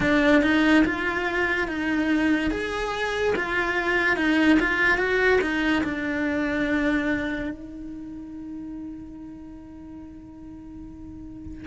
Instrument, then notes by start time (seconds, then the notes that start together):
cello
0.00 D4
0.42 D#4
0.84 F4
1.67 D#4
2.50 G#4
3.35 F4
4.16 D#4
4.59 F4
4.97 F#4
5.41 D#4
5.83 D4
7.50 D#4